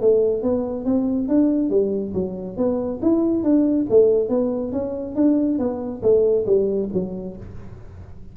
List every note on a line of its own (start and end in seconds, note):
0.00 0.42 A3
0.42 0.85 B3
0.85 1.28 C4
1.28 1.70 D4
1.70 2.13 G3
2.13 2.56 F#3
2.56 3.00 B3
3.02 3.43 E4
3.43 3.86 D4
3.89 4.29 A3
4.29 4.72 B3
4.72 5.15 C#4
5.15 5.58 D4
5.58 6.01 B3
6.02 6.46 A3
6.46 6.89 G3
6.93 7.36 F#3